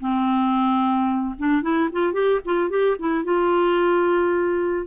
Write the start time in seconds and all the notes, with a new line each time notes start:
0.00 C4
1.38 D4
1.62 E4
1.92 F4
2.13 G4
2.45 F4
2.70 G4
2.99 E4
3.24 F4